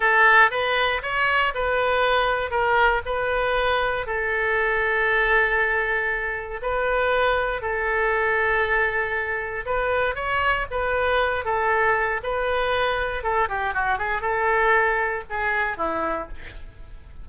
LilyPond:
\new Staff \with { instrumentName = "oboe" } { \time 4/4 \tempo 4 = 118 a'4 b'4 cis''4 b'4~ | b'4 ais'4 b'2 | a'1~ | a'4 b'2 a'4~ |
a'2. b'4 | cis''4 b'4. a'4. | b'2 a'8 g'8 fis'8 gis'8 | a'2 gis'4 e'4 | }